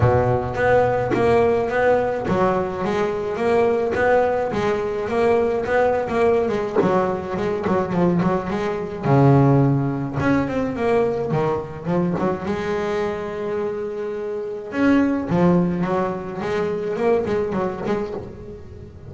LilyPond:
\new Staff \with { instrumentName = "double bass" } { \time 4/4 \tempo 4 = 106 b,4 b4 ais4 b4 | fis4 gis4 ais4 b4 | gis4 ais4 b8. ais8. gis8 | fis4 gis8 fis8 f8 fis8 gis4 |
cis2 cis'8 c'8 ais4 | dis4 f8 fis8 gis2~ | gis2 cis'4 f4 | fis4 gis4 ais8 gis8 fis8 gis8 | }